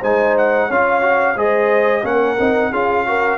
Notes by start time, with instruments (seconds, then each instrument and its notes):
0.00 tuba G#3, trombone D#4, horn C5, trumpet G#5
0.37 trumpet F#5
0.68 tuba C#4, trombone F4, horn C#5, trumpet F5
1.01 trombone F#4
1.36 tuba G#3, trombone G#4, horn C5, trumpet D#5
2.03 tuba A#3, trombone C#4, horn A#4, trumpet F#5
2.39 tuba C4, trombone D#4
2.71 tuba C#4, trombone F4, horn G#4, trumpet F5
3.06 trombone F#4, horn A#4